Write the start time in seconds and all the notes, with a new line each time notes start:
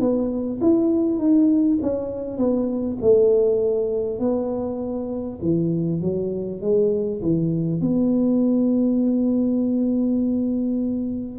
0.00 B3
0.61 E4
1.18 D#4
1.82 C#4
2.38 B3
3.02 A3
4.19 B3
5.42 E3
6.01 F#3
6.61 G#3
7.22 E3
7.81 B3